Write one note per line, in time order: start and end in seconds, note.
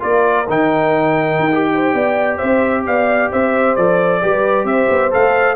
0.00 0.49 A#3
0.00 0.45 F4
0.00 1.71 A#4
0.00 0.48 D5
0.49 1.39 D#3
0.49 1.52 D#4
0.49 2.38 G5
1.39 1.94 D#4
1.53 3.78 G4
1.74 1.95 C5
1.94 2.40 B3
1.94 2.38 D5
2.38 2.87 C4
2.38 2.83 C5
2.38 2.83 E5
2.87 3.32 B3
2.87 3.31 D5
2.87 3.32 F5
3.31 3.77 C4
3.31 4.22 C5
3.31 3.76 E5
3.76 4.23 F3
3.76 4.23 A4
3.76 4.66 D5
4.23 4.65 G3
4.23 5.11 G4
4.23 4.67 B4
4.65 4.87 C4
4.65 5.56 C5
4.65 5.12 E5
4.90 5.13 B3
5.11 5.56 A3
5.11 5.56 A4
5.11 5.56 F5